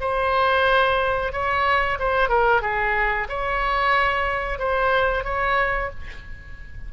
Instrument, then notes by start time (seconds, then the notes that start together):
oboe
0.00 C5
1.32 C#5
1.99 C5
2.29 A#4
2.61 G#4
3.28 C#5
4.58 C5
5.24 C#5